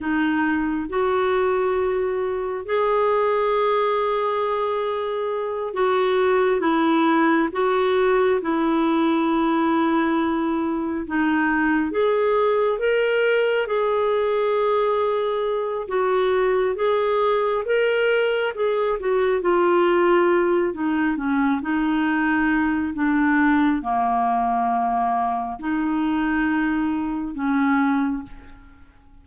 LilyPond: \new Staff \with { instrumentName = "clarinet" } { \time 4/4 \tempo 4 = 68 dis'4 fis'2 gis'4~ | gis'2~ gis'8 fis'4 e'8~ | e'8 fis'4 e'2~ e'8~ | e'8 dis'4 gis'4 ais'4 gis'8~ |
gis'2 fis'4 gis'4 | ais'4 gis'8 fis'8 f'4. dis'8 | cis'8 dis'4. d'4 ais4~ | ais4 dis'2 cis'4 | }